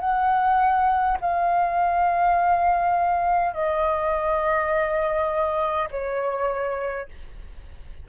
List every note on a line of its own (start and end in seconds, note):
0.00 1.18 F#5
1.21 3.53 F5
3.53 5.89 D#5
5.90 7.08 C#5